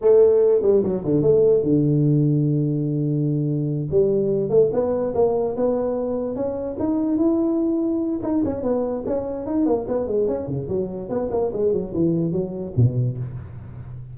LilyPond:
\new Staff \with { instrumentName = "tuba" } { \time 4/4 \tempo 4 = 146 a4. g8 fis8 d8 a4 | d1~ | d4. g4. a8 b8~ | b8 ais4 b2 cis'8~ |
cis'8 dis'4 e'2~ e'8 | dis'8 cis'8 b4 cis'4 dis'8 ais8 | b8 gis8 cis'8 cis8 fis4 b8 ais8 | gis8 fis8 e4 fis4 b,4 | }